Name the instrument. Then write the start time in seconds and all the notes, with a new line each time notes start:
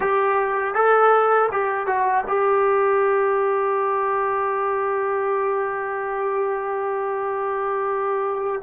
trombone
0.00 G4
0.74 A4
1.51 G4
1.86 F#4
2.27 G4